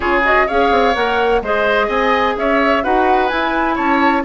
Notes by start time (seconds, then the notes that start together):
0.00 C#3 F4 G#4 C#5
0.23 F#4 D#5
0.47 C#4 G#4 C#5 F5
0.71 C4
0.94 A#3 A#4 F#5
1.41 G#3 G#4 C5 D#5
1.86 C4 D#5 G#5
2.36 C#4 C#5 E5
2.83 D#4 F#4 B4 F#5
3.28 E4 G#5
3.75 C#4 C#5 A5